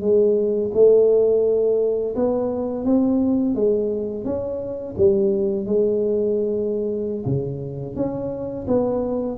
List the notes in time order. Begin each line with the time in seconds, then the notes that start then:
0.00 G#3
0.73 A3
2.15 B3
2.84 C4
3.55 G#3
4.24 C#4
4.97 G3
5.65 G#3
7.25 C#3
7.95 C#4
8.67 B3